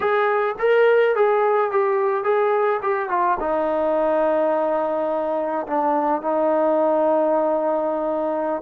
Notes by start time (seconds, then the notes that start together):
0.00 G#4
0.58 A#4
1.15 G#4
1.71 G4
2.24 G#4
2.82 G4
3.09 F4
3.40 D#4
5.66 D4
6.21 D#4